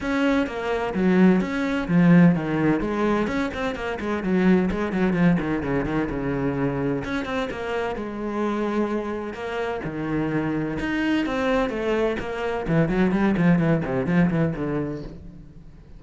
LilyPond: \new Staff \with { instrumentName = "cello" } { \time 4/4 \tempo 4 = 128 cis'4 ais4 fis4 cis'4 | f4 dis4 gis4 cis'8 c'8 | ais8 gis8 fis4 gis8 fis8 f8 dis8 | cis8 dis8 cis2 cis'8 c'8 |
ais4 gis2. | ais4 dis2 dis'4 | c'4 a4 ais4 e8 fis8 | g8 f8 e8 c8 f8 e8 d4 | }